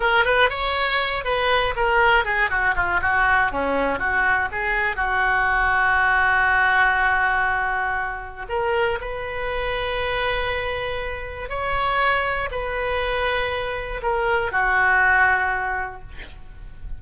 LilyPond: \new Staff \with { instrumentName = "oboe" } { \time 4/4 \tempo 4 = 120 ais'8 b'8 cis''4. b'4 ais'8~ | ais'8 gis'8 fis'8 f'8 fis'4 cis'4 | fis'4 gis'4 fis'2~ | fis'1~ |
fis'4 ais'4 b'2~ | b'2. cis''4~ | cis''4 b'2. | ais'4 fis'2. | }